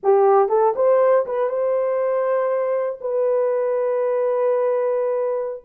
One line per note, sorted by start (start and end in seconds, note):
0.02 0.48 G4
0.48 0.73 A4
0.75 1.25 C5
1.25 1.49 B4
1.49 2.99 C5
3.00 5.63 B4